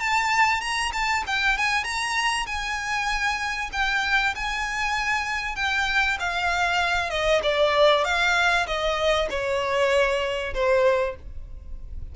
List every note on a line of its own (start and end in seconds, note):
0.00 0.60 A5
0.60 0.92 A#5
0.93 1.23 A5
1.27 1.57 G5
1.57 1.84 G#5
1.84 2.46 A#5
2.46 3.70 G#5
3.72 4.34 G5
4.35 5.56 G#5
5.56 6.17 G5
6.19 7.10 F5
7.10 7.41 D#5
7.43 8.04 D5
8.04 8.66 F5
8.67 9.28 D#5
9.30 10.54 C#5
10.54 11.16 C5